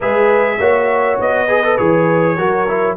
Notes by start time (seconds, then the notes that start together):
0.00 G#3 G#4 B4 E5
0.58 A#3 F#4 C#5
1.19 B3 D#5
1.48 G#4 B4
1.63 A4
1.77 E3 G#4 C#5
2.37 F#3 F#4 A#4
2.68 E4